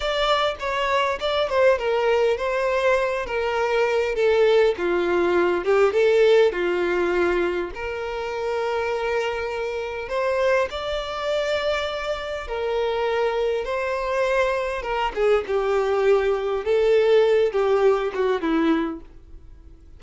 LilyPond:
\new Staff \with { instrumentName = "violin" } { \time 4/4 \tempo 4 = 101 d''4 cis''4 d''8 c''8 ais'4 | c''4. ais'4. a'4 | f'4. g'8 a'4 f'4~ | f'4 ais'2.~ |
ais'4 c''4 d''2~ | d''4 ais'2 c''4~ | c''4 ais'8 gis'8 g'2 | a'4. g'4 fis'8 e'4 | }